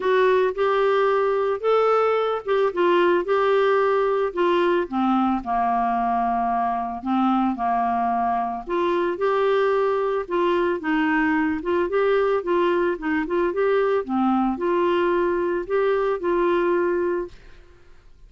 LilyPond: \new Staff \with { instrumentName = "clarinet" } { \time 4/4 \tempo 4 = 111 fis'4 g'2 a'4~ | a'8 g'8 f'4 g'2 | f'4 c'4 ais2~ | ais4 c'4 ais2 |
f'4 g'2 f'4 | dis'4. f'8 g'4 f'4 | dis'8 f'8 g'4 c'4 f'4~ | f'4 g'4 f'2 | }